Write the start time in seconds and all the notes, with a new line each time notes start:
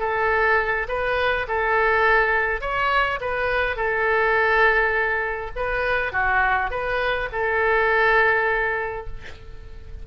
0.00 A4
0.89 B4
1.48 A4
2.62 C#5
3.21 B4
3.77 A4
5.56 B4
6.13 F#4
6.71 B4
7.33 A4